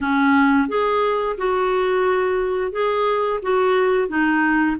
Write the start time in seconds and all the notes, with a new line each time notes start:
0.01 C#4
0.68 G#4
1.37 F#4
2.71 G#4
3.42 F#4
4.08 D#4